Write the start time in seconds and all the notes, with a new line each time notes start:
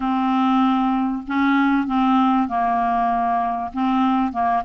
0.00 C4
1.27 C#4
1.87 C4
2.47 A#3
3.73 C4
4.32 A#3